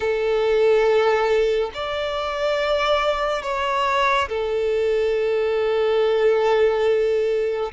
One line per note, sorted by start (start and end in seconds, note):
0.00 1.70 A4
1.74 3.42 D5
3.42 4.28 C#5
4.29 7.71 A4